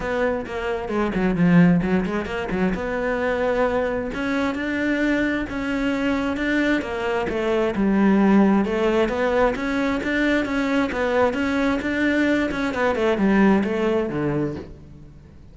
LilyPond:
\new Staff \with { instrumentName = "cello" } { \time 4/4 \tempo 4 = 132 b4 ais4 gis8 fis8 f4 | fis8 gis8 ais8 fis8 b2~ | b4 cis'4 d'2 | cis'2 d'4 ais4 |
a4 g2 a4 | b4 cis'4 d'4 cis'4 | b4 cis'4 d'4. cis'8 | b8 a8 g4 a4 d4 | }